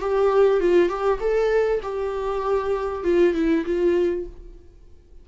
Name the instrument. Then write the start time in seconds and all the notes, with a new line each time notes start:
viola
0.00 G4
0.60 F4
0.88 G4
1.20 A4
1.82 G4
3.04 F4
3.34 E4
3.65 F4